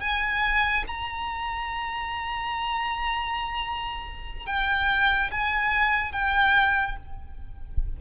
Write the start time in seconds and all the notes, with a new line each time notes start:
0.00 G#5
0.87 A#5
4.46 G5
5.31 G#5
6.12 G5